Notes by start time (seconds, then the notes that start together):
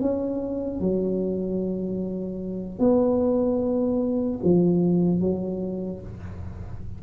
0.00 C#4
0.80 F#3
2.79 B3
4.43 F3
5.20 F#3